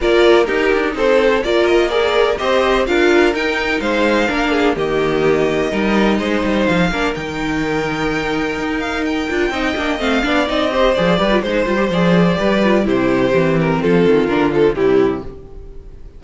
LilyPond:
<<
  \new Staff \with { instrumentName = "violin" } { \time 4/4 \tempo 4 = 126 d''4 ais'4 c''4 d''8 dis''8 | ais'4 dis''4 f''4 g''4 | f''2 dis''2~ | dis''2 f''4 g''4~ |
g''2~ g''8 f''8 g''4~ | g''4 f''4 dis''4 d''4 | c''4 d''2 c''4~ | c''8 ais'8 a'4 ais'8 a'8 g'4 | }
  \new Staff \with { instrumentName = "violin" } { \time 4/4 ais'4 g'4 a'4 ais'4 | d''4 c''4 ais'2 | c''4 ais'8 gis'8 g'2 | ais'4 c''4. ais'4.~ |
ais'1 | dis''4. d''4 c''4 b'8 | c''2 b'4 g'4~ | g'4 f'2 e'4 | }
  \new Staff \with { instrumentName = "viola" } { \time 4/4 f'4 dis'2 f'4 | gis'4 g'4 f'4 dis'4~ | dis'4 d'4 ais2 | dis'2~ dis'8 d'8 dis'4~ |
dis'2.~ dis'8 f'8 | dis'8 d'8 c'8 d'8 dis'8 g'8 gis'8 g'16 f'16 | dis'8 f'16 g'16 gis'4 g'8 f'8 e'4 | c'2 d'8 f8 g4 | }
  \new Staff \with { instrumentName = "cello" } { \time 4/4 ais4 dis'8 d'8 c'4 ais4~ | ais4 c'4 d'4 dis'4 | gis4 ais4 dis2 | g4 gis8 g8 f8 ais8 dis4~ |
dis2 dis'4. d'8 | c'8 ais8 a8 b8 c'4 f8 g8 | gis8 g8 f4 g4 c4 | e4 f8 dis8 d4 c4 | }
>>